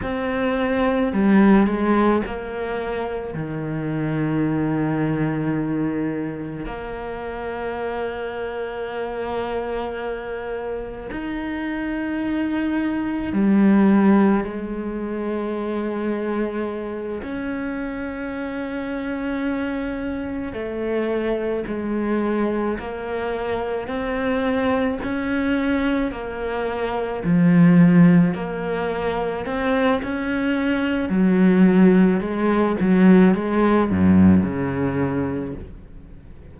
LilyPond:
\new Staff \with { instrumentName = "cello" } { \time 4/4 \tempo 4 = 54 c'4 g8 gis8 ais4 dis4~ | dis2 ais2~ | ais2 dis'2 | g4 gis2~ gis8 cis'8~ |
cis'2~ cis'8 a4 gis8~ | gis8 ais4 c'4 cis'4 ais8~ | ais8 f4 ais4 c'8 cis'4 | fis4 gis8 fis8 gis8 fis,8 cis4 | }